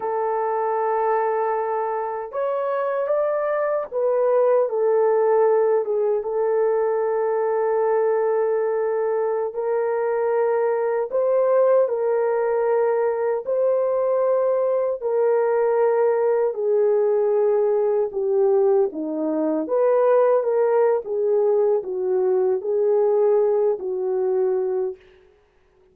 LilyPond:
\new Staff \with { instrumentName = "horn" } { \time 4/4 \tempo 4 = 77 a'2. cis''4 | d''4 b'4 a'4. gis'8 | a'1~ | a'16 ais'2 c''4 ais'8.~ |
ais'4~ ais'16 c''2 ais'8.~ | ais'4~ ais'16 gis'2 g'8.~ | g'16 dis'4 b'4 ais'8. gis'4 | fis'4 gis'4. fis'4. | }